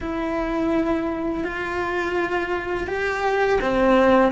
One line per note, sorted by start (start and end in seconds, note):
0.00 1.44 E4
1.44 2.87 F4
2.87 3.59 G4
3.61 4.32 C4